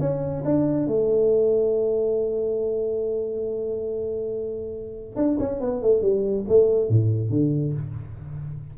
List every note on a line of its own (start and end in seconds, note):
0.00 0.43 C#4
0.45 0.87 D4
0.87 5.16 A3
5.16 5.38 D4
5.39 5.60 C#4
5.60 5.82 B3
5.82 6.02 A3
6.02 6.45 G3
6.48 6.89 A3
6.89 7.30 A2
7.30 7.73 D3